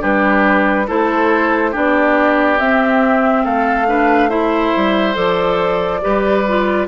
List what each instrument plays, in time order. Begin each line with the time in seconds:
0.00 bassoon G3, clarinet D4, oboe G4, flute B4
0.87 bassoon A3, clarinet E4, oboe A4, flute C5
1.71 bassoon B3, clarinet D4, oboe G4, flute D5
2.59 clarinet C4, bassoon C4, flute E5
3.44 bassoon A3, oboe A4, flute F5
3.88 clarinet D4, oboe B4
4.29 clarinet E4, oboe C5, flute E5
4.76 bassoon G3
5.14 bassoon F3, clarinet A4, flute D5
6.02 bassoon G3, clarinet G4, oboe B4
6.48 clarinet F4